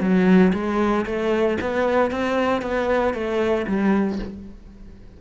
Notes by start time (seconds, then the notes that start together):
0.00 F#3
0.53 G#3
1.06 A3
1.61 B3
2.11 C4
2.62 B3
3.14 A3
3.67 G3